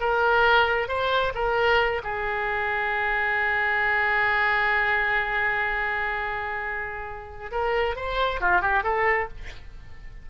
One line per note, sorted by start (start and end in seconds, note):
0.00 0.88 A#4
0.88 1.32 C5
1.34 2.01 A#4
2.03 7.51 G#4
7.51 7.96 A#4
7.96 8.40 C5
8.40 8.61 F4
8.61 8.83 G4
8.83 9.28 A4